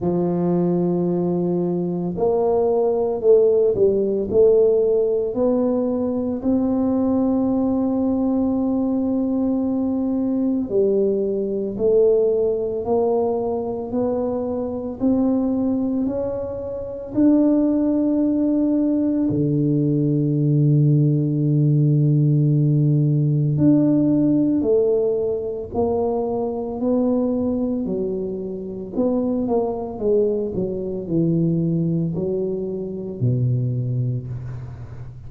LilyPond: \new Staff \with { instrumentName = "tuba" } { \time 4/4 \tempo 4 = 56 f2 ais4 a8 g8 | a4 b4 c'2~ | c'2 g4 a4 | ais4 b4 c'4 cis'4 |
d'2 d2~ | d2 d'4 a4 | ais4 b4 fis4 b8 ais8 | gis8 fis8 e4 fis4 b,4 | }